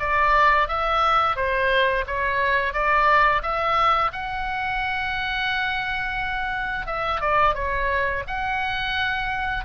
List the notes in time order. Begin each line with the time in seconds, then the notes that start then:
0.00 D5
0.69 E5
1.36 C5
2.07 C#5
2.74 D5
3.43 E5
4.13 F#5
6.87 E5
7.21 D5
7.55 C#5
8.28 F#5